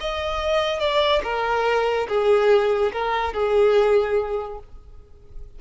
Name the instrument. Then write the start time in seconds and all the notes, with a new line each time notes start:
violin
0.00 D#5
0.79 D5
1.23 A#4
2.08 G#4
2.92 A#4
3.33 G#4